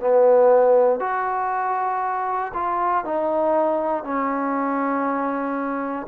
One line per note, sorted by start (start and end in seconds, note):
0.00 1.00 B3
1.00 2.52 F#4
2.54 3.05 F4
3.05 4.04 D#4
4.04 6.07 C#4